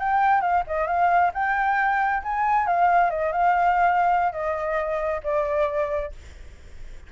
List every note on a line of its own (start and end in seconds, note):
0.00 0.42 G5
0.42 0.64 F5
0.67 0.87 D#5
0.87 1.32 F5
1.34 2.23 G5
2.24 2.67 G#5
2.67 3.11 F5
3.11 3.33 D#5
3.33 4.33 F5
4.33 5.22 D#5
5.24 6.13 D5